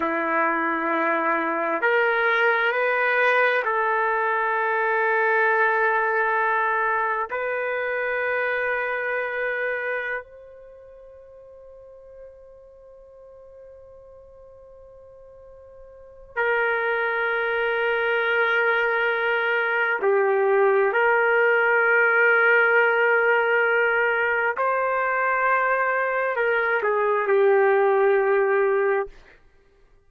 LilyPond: \new Staff \with { instrumentName = "trumpet" } { \time 4/4 \tempo 4 = 66 e'2 ais'4 b'4 | a'1 | b'2.~ b'16 c''8.~ | c''1~ |
c''2 ais'2~ | ais'2 g'4 ais'4~ | ais'2. c''4~ | c''4 ais'8 gis'8 g'2 | }